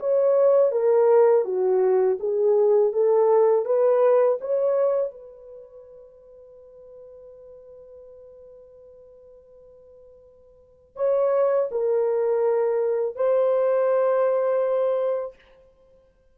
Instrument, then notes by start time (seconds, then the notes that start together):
horn
0.00 C#5
0.72 A#4
1.45 F#4
2.20 G#4
2.93 A4
3.66 B4
4.41 C#5
5.12 B4
10.96 C#5
11.71 A#4
13.16 C5